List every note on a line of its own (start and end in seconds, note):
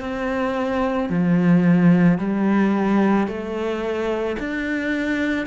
0.00 1.09 C4
1.09 2.18 F3
2.18 3.27 G3
3.27 4.36 A3
4.39 5.46 D4